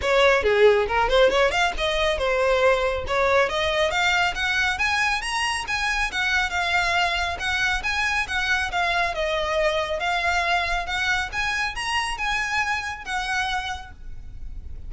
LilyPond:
\new Staff \with { instrumentName = "violin" } { \time 4/4 \tempo 4 = 138 cis''4 gis'4 ais'8 c''8 cis''8 f''8 | dis''4 c''2 cis''4 | dis''4 f''4 fis''4 gis''4 | ais''4 gis''4 fis''4 f''4~ |
f''4 fis''4 gis''4 fis''4 | f''4 dis''2 f''4~ | f''4 fis''4 gis''4 ais''4 | gis''2 fis''2 | }